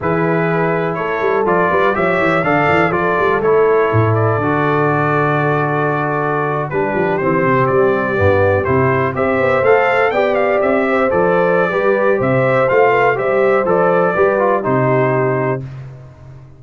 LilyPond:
<<
  \new Staff \with { instrumentName = "trumpet" } { \time 4/4 \tempo 4 = 123 b'2 cis''4 d''4 | e''4 f''4 d''4 cis''4~ | cis''8 d''2.~ d''8~ | d''4.~ d''16 b'4 c''4 d''16~ |
d''4.~ d''16 c''4 e''4 f''16~ | f''8. g''8 f''8 e''4 d''4~ d''16~ | d''4 e''4 f''4 e''4 | d''2 c''2 | }
  \new Staff \with { instrumentName = "horn" } { \time 4/4 gis'2 a'4. b'8 | cis''4 d''4 a'2~ | a'1~ | a'4.~ a'16 g'2~ g'16~ |
g'2~ g'8. c''4~ c''16~ | c''8. d''4. c''4.~ c''16 | b'4 c''4. b'8 c''4~ | c''4 b'4 g'2 | }
  \new Staff \with { instrumentName = "trombone" } { \time 4/4 e'2. f'4 | g'4 a'4 f'4 e'4~ | e'4 fis'2.~ | fis'4.~ fis'16 d'4 c'4~ c'16~ |
c'8. b4 e'4 g'4 a'16~ | a'8. g'2 a'4~ a'16 | g'2 f'4 g'4 | a'4 g'8 f'8 dis'2 | }
  \new Staff \with { instrumentName = "tuba" } { \time 4/4 e2 a8 g8 f8 g8 | f8 e8 d8 e8 f8 g8 a4 | a,4 d2.~ | d4.~ d16 g8 f8 e8 c8 g16~ |
g8. g,4 c4 c'8 b8 a16~ | a8. b4 c'4 f4~ f16 | g4 c4 a4 g4 | f4 g4 c2 | }
>>